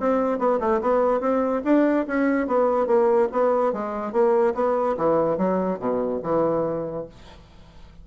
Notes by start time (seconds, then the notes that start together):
0.00 C4
0.39 B3
0.60 A3
0.81 B3
1.20 C4
1.64 D4
2.07 C#4
2.47 B3
2.87 A#3
3.32 B3
3.73 G#3
4.12 A#3
4.55 B3
4.98 E3
5.38 F#3
5.80 B2
6.23 E3